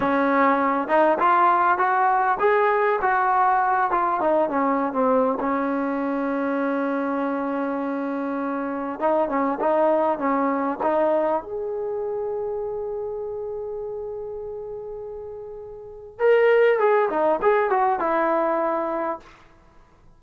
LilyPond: \new Staff \with { instrumentName = "trombone" } { \time 4/4 \tempo 4 = 100 cis'4. dis'8 f'4 fis'4 | gis'4 fis'4. f'8 dis'8 cis'8~ | cis'16 c'8. cis'2.~ | cis'2. dis'8 cis'8 |
dis'4 cis'4 dis'4 gis'4~ | gis'1~ | gis'2. ais'4 | gis'8 dis'8 gis'8 fis'8 e'2 | }